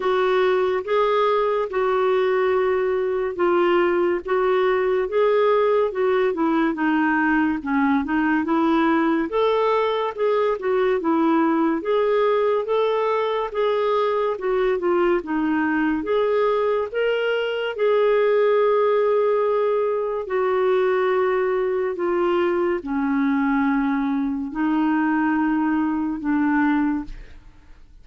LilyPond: \new Staff \with { instrumentName = "clarinet" } { \time 4/4 \tempo 4 = 71 fis'4 gis'4 fis'2 | f'4 fis'4 gis'4 fis'8 e'8 | dis'4 cis'8 dis'8 e'4 a'4 | gis'8 fis'8 e'4 gis'4 a'4 |
gis'4 fis'8 f'8 dis'4 gis'4 | ais'4 gis'2. | fis'2 f'4 cis'4~ | cis'4 dis'2 d'4 | }